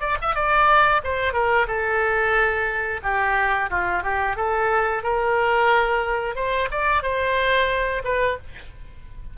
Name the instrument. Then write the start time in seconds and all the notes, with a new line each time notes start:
oboe
0.00 D5
0.21 E5
0.35 D5
1.04 C5
1.33 A#4
1.67 A4
3.03 G4
3.70 F4
4.03 G4
4.36 A4
5.02 A#4
6.35 C5
6.71 D5
7.02 C5
8.04 B4